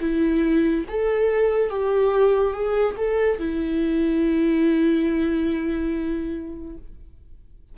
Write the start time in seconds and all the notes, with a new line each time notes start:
0.00 E4
0.88 A4
1.70 G4
2.53 G#4
2.97 A4
3.39 E4